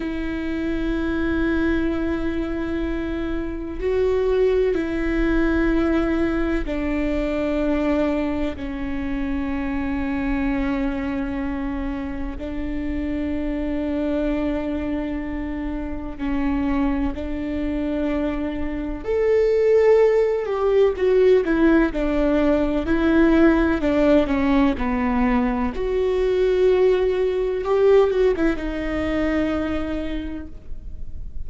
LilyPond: \new Staff \with { instrumentName = "viola" } { \time 4/4 \tempo 4 = 63 e'1 | fis'4 e'2 d'4~ | d'4 cis'2.~ | cis'4 d'2.~ |
d'4 cis'4 d'2 | a'4. g'8 fis'8 e'8 d'4 | e'4 d'8 cis'8 b4 fis'4~ | fis'4 g'8 fis'16 e'16 dis'2 | }